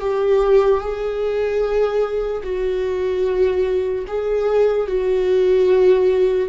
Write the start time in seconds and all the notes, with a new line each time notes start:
0.00 G4
0.80 G#4
2.43 F#4
4.07 G#4
4.87 F#4